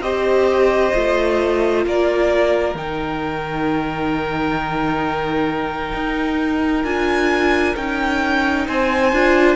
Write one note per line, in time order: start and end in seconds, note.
0.00 0.91 C4
0.00 0.93 G4
0.00 1.85 C5
0.00 1.84 D#5
0.93 1.85 A3
0.93 2.75 F4
1.85 2.74 A#3
1.85 8.66 A#4
1.85 2.76 D5
2.74 5.92 D#3
2.74 6.84 D#4
2.74 6.84 G5
5.93 6.84 D#4
6.84 7.75 D4
6.84 7.75 F4
6.84 7.75 G#5
7.76 8.67 C#4
7.76 9.12 D#4
7.76 8.67 G5
8.66 9.12 C4
8.66 9.56 C5
8.66 9.56 G#5
9.12 9.56 D4
9.12 9.56 F4